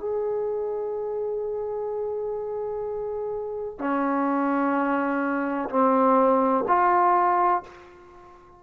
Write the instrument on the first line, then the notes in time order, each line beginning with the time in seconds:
trombone
0.00 G#4
3.78 C#4
5.70 C4
6.68 F4